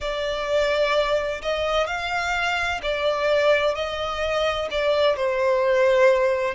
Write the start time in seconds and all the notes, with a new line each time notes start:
0.00 D5
1.42 D#5
1.87 F5
2.82 D5
3.74 D#5
4.70 D5
5.16 C5